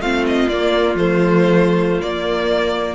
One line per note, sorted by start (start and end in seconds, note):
0.00 0.47 A3
0.00 0.50 C4
0.00 2.95 F4
0.00 0.25 F5
0.27 0.49 D#5
0.48 0.95 A#3
0.48 0.98 A#3
0.48 0.96 D5
0.95 2.01 F3
0.95 2.03 A3
0.95 2.02 C5
2.02 2.95 A#3
2.02 2.95 D5